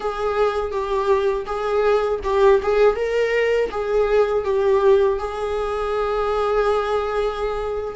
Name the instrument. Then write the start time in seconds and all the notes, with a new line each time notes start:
viola
0.00 G#4
0.71 G4
1.45 G#4
2.23 G4
2.62 G#4
2.95 A#4
3.70 G#4
4.44 G4
5.19 G#4